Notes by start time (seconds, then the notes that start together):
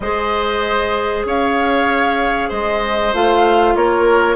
0.00 G#3 G#4 C5 D#5
1.24 C#4 C#5 F5
2.49 G#3 C5 D#5
3.13 A3 F4 F5
3.75 A#3 A#4 C#5